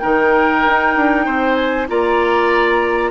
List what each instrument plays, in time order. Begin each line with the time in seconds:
0.00 bassoon D#3, clarinet D#4, oboe A#4, flute G5
0.66 bassoon D#4
0.96 bassoon D4
1.26 bassoon C4, oboe C5
1.55 flute G#5
1.88 bassoon A#3, clarinet F4, oboe D5, flute A#5